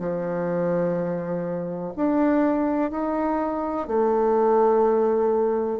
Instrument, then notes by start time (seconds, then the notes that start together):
bassoon
0.00 F3
1.96 D4
2.91 D#4
3.88 A3